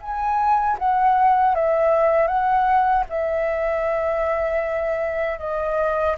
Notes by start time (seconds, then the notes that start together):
0.00 G#5
0.78 F#5
1.55 E5
2.27 F#5
3.09 E5
5.39 D#5